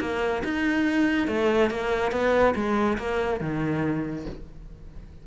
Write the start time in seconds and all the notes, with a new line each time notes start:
0.00 A#3
0.44 D#4
1.28 A3
1.70 A#3
2.11 B3
2.55 G#3
2.98 A#3
3.40 D#3